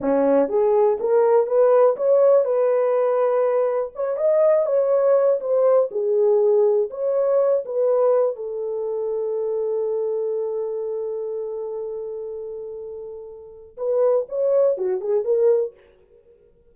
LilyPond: \new Staff \with { instrumentName = "horn" } { \time 4/4 \tempo 4 = 122 cis'4 gis'4 ais'4 b'4 | cis''4 b'2. | cis''8 dis''4 cis''4. c''4 | gis'2 cis''4. b'8~ |
b'4 a'2.~ | a'1~ | a'1 | b'4 cis''4 fis'8 gis'8 ais'4 | }